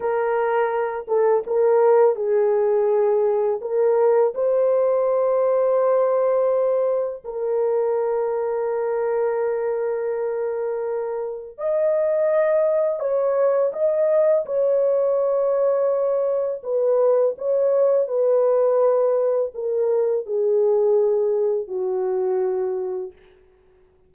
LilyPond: \new Staff \with { instrumentName = "horn" } { \time 4/4 \tempo 4 = 83 ais'4. a'8 ais'4 gis'4~ | gis'4 ais'4 c''2~ | c''2 ais'2~ | ais'1 |
dis''2 cis''4 dis''4 | cis''2. b'4 | cis''4 b'2 ais'4 | gis'2 fis'2 | }